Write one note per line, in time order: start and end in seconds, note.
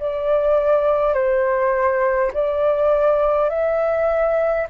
0.00 1.14 D5
1.14 2.32 C5
2.34 3.50 D5
3.50 4.67 E5